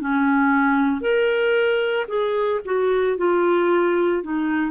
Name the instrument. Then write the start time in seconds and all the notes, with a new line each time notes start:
clarinet
0.00 C#4
1.00 A#4
2.08 G#4
2.65 F#4
3.17 F4
4.22 D#4